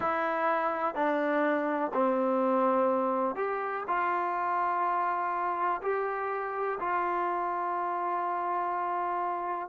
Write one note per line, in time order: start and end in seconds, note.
0.00 0.94 E4
0.94 1.91 D4
1.94 3.35 C4
3.35 3.84 G4
3.87 5.81 F4
5.82 6.78 G4
6.80 9.68 F4